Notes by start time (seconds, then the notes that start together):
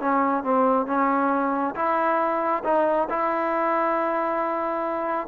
0.00 C#4
0.43 C4
0.86 C#4
1.75 E4
2.64 D#4
3.10 E4